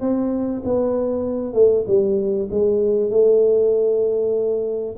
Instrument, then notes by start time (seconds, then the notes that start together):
tuba
0.00 C4
0.64 B3
1.53 A3
1.87 G3
2.51 G#3
3.10 A3